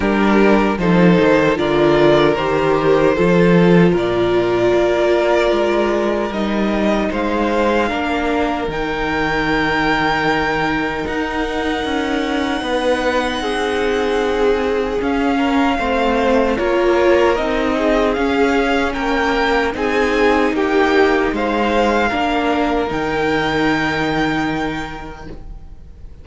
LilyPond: <<
  \new Staff \with { instrumentName = "violin" } { \time 4/4 \tempo 4 = 76 ais'4 c''4 d''4 c''4~ | c''4 d''2. | dis''4 f''2 g''4~ | g''2 fis''2~ |
fis''2. f''4~ | f''4 cis''4 dis''4 f''4 | g''4 gis''4 g''4 f''4~ | f''4 g''2. | }
  \new Staff \with { instrumentName = "violin" } { \time 4/4 g'4 a'4 ais'2 | a'4 ais'2.~ | ais'4 c''4 ais'2~ | ais'1 |
b'4 gis'2~ gis'8 ais'8 | c''4 ais'4. gis'4. | ais'4 gis'4 g'4 c''4 | ais'1 | }
  \new Staff \with { instrumentName = "viola" } { \time 4/4 d'4 dis'4 f'4 g'4 | f'1 | dis'2 d'4 dis'4~ | dis'1~ |
dis'2. cis'4 | c'4 f'4 dis'4 cis'4~ | cis'4 dis'2. | d'4 dis'2. | }
  \new Staff \with { instrumentName = "cello" } { \time 4/4 g4 f8 dis8 d4 dis4 | f4 ais,4 ais4 gis4 | g4 gis4 ais4 dis4~ | dis2 dis'4 cis'4 |
b4 c'2 cis'4 | a4 ais4 c'4 cis'4 | ais4 c'4 ais4 gis4 | ais4 dis2. | }
>>